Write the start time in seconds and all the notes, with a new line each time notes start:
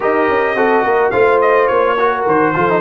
0.00 D#4 G4 A#4 D#5
0.28 C#4
0.55 C4 F#4 A4
0.82 A#3 A#4
1.10 A3 F4 C5 F5
1.41 D#5
1.67 A#3 C#5
1.98 F#4 A#4
2.26 D#3 C5
2.54 F3 F4 A4
2.69 D#4